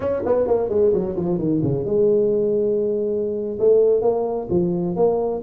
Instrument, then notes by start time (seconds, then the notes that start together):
tuba
0.00 C#4
0.25 B3
0.47 A#3
0.69 G#3
0.93 F#3
1.16 F3
1.38 D#3
1.62 C#3
1.85 G#3
3.59 A3
4.01 A#3
4.49 F3
4.96 A#3